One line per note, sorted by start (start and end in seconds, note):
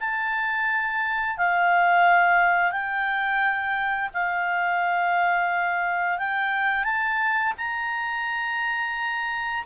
0.00 1.38 A5
1.38 2.71 F5
2.71 4.09 G5
4.14 6.18 F5
6.18 6.84 G5
6.84 7.53 A5
7.58 9.65 A#5